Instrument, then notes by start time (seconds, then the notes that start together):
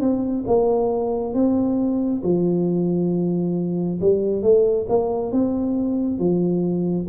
tuba
0.00 C4
0.46 A#3
1.34 C4
2.23 F3
4.01 G3
4.42 A3
4.88 A#3
5.32 C4
6.18 F3